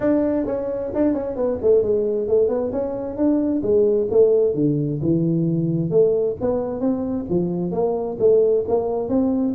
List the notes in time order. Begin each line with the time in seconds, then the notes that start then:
0.00 D4
0.45 C#4
0.94 D4
1.13 C#4
1.35 B3
1.61 A3
1.82 G#3
2.28 A3
2.48 B3
2.71 C#4
3.16 D4
3.62 G#3
4.10 A3
4.54 D3
5.02 E3
5.90 A3
6.40 B3
6.80 C4
7.29 F3
7.71 A#3
8.19 A3
8.67 A#3
9.08 C4